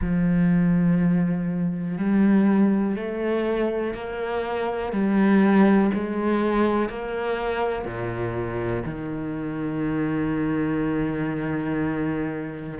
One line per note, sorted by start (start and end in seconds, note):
0.01 1.97 F3
1.97 2.96 G3
2.96 3.93 A3
3.93 4.92 A#3
4.92 5.90 G3
5.93 6.89 G#3
6.89 7.85 A#3
7.85 8.83 A#2
8.85 12.78 D#3